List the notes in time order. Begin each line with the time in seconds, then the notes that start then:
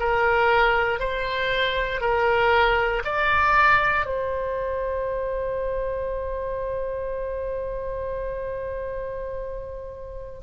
0.00 A#4
1.00 C5
2.01 A#4
3.05 D5
4.06 C5